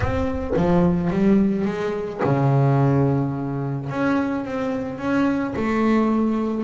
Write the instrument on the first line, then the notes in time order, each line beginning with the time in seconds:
double bass
0.00 C4
0.56 F3
1.10 G3
1.65 G#3
2.23 C#3
3.89 C#4
4.44 C4
4.98 C#4
5.56 A3